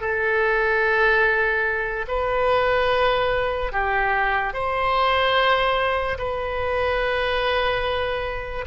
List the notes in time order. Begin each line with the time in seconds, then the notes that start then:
0.00 A4
2.08 B4
3.72 G4
4.53 C5
6.18 B4